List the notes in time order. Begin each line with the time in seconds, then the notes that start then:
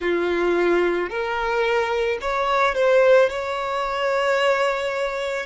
0.00 F4
1.09 A#4
2.21 C#5
2.75 C5
3.29 C#5